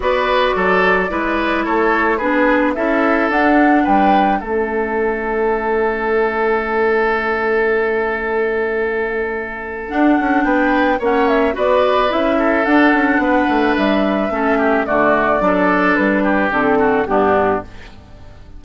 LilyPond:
<<
  \new Staff \with { instrumentName = "flute" } { \time 4/4 \tempo 4 = 109 d''2. cis''4 | b'4 e''4 fis''4 g''4 | e''1~ | e''1~ |
e''2 fis''4 g''4 | fis''8 e''8 d''4 e''4 fis''4~ | fis''4 e''2 d''4~ | d''4 b'4 a'4 g'4 | }
  \new Staff \with { instrumentName = "oboe" } { \time 4/4 b'4 a'4 b'4 a'4 | gis'4 a'2 b'4 | a'1~ | a'1~ |
a'2. b'4 | cis''4 b'4. a'4. | b'2 a'8 g'8 fis'4 | a'4. g'4 fis'8 d'4 | }
  \new Staff \with { instrumentName = "clarinet" } { \time 4/4 fis'2 e'2 | d'4 e'4 d'2 | cis'1~ | cis'1~ |
cis'2 d'2 | cis'4 fis'4 e'4 d'4~ | d'2 cis'4 a4 | d'2 c'4 b4 | }
  \new Staff \with { instrumentName = "bassoon" } { \time 4/4 b4 fis4 gis4 a4 | b4 cis'4 d'4 g4 | a1~ | a1~ |
a2 d'8 cis'8 b4 | ais4 b4 cis'4 d'8 cis'8 | b8 a8 g4 a4 d4 | fis4 g4 d4 g,4 | }
>>